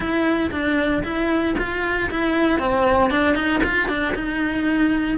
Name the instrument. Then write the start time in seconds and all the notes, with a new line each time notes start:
cello
0.00 E4
0.51 D4
1.03 E4
1.58 F4
2.10 E4
2.59 C4
3.10 D4
3.34 D#4
3.63 F4
3.88 D4
4.14 D#4